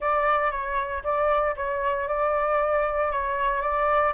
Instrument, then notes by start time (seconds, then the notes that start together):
flute
0.00 D5
0.51 C#5
1.03 D5
1.56 C#5
2.08 D5
3.11 C#5
3.61 D5